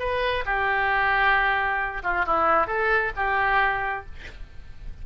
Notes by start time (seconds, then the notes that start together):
0.00 B4
0.46 G4
2.04 F4
2.26 E4
2.67 A4
3.16 G4